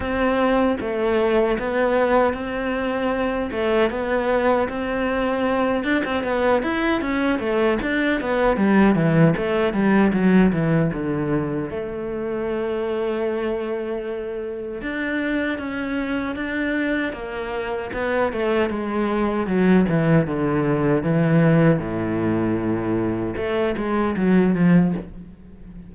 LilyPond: \new Staff \with { instrumentName = "cello" } { \time 4/4 \tempo 4 = 77 c'4 a4 b4 c'4~ | c'8 a8 b4 c'4. d'16 c'16 | b8 e'8 cis'8 a8 d'8 b8 g8 e8 | a8 g8 fis8 e8 d4 a4~ |
a2. d'4 | cis'4 d'4 ais4 b8 a8 | gis4 fis8 e8 d4 e4 | a,2 a8 gis8 fis8 f8 | }